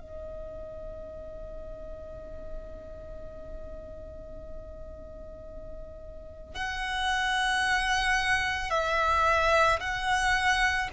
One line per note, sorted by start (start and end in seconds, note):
0.00 6.54 D#5
6.54 8.70 F#5
8.70 9.79 E5
9.80 10.89 F#5